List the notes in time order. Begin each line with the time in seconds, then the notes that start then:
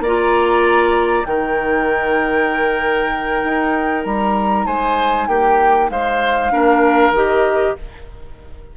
0.00 A#3 D5 A#5
0.06 F4
1.24 D#3 D#4 A#4 G5
3.44 D#4
4.05 G3 A#5
4.66 G#3 C5 G#5
5.27 A#3 G4 G5
5.90 G#3 C5 F5
6.51 A#3 D4 A#4
7.11 D#3 G4 D#5